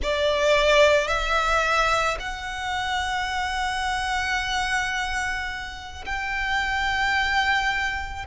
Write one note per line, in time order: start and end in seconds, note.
0.03 1.07 D5
1.07 2.17 E5
2.19 6.05 F#5
6.05 8.25 G5